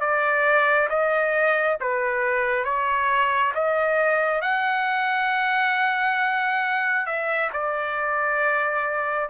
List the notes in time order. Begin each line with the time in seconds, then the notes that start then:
0.00 D5
0.89 D#5
1.80 B4
2.64 C#5
3.55 D#5
4.41 F#5
7.06 E5
7.53 D5